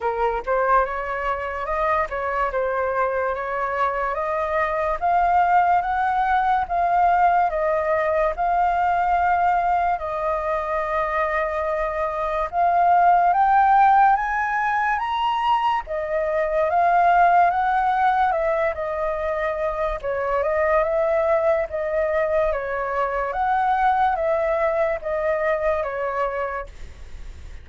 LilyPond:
\new Staff \with { instrumentName = "flute" } { \time 4/4 \tempo 4 = 72 ais'8 c''8 cis''4 dis''8 cis''8 c''4 | cis''4 dis''4 f''4 fis''4 | f''4 dis''4 f''2 | dis''2. f''4 |
g''4 gis''4 ais''4 dis''4 | f''4 fis''4 e''8 dis''4. | cis''8 dis''8 e''4 dis''4 cis''4 | fis''4 e''4 dis''4 cis''4 | }